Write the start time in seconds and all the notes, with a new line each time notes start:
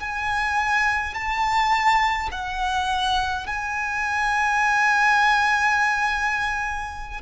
0.00 G#5
1.14 A5
2.31 F#5
3.47 G#5